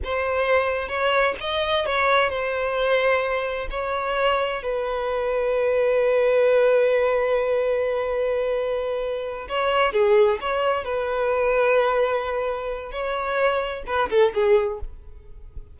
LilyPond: \new Staff \with { instrumentName = "violin" } { \time 4/4 \tempo 4 = 130 c''2 cis''4 dis''4 | cis''4 c''2. | cis''2 b'2~ | b'1~ |
b'1~ | b'8 cis''4 gis'4 cis''4 b'8~ | b'1 | cis''2 b'8 a'8 gis'4 | }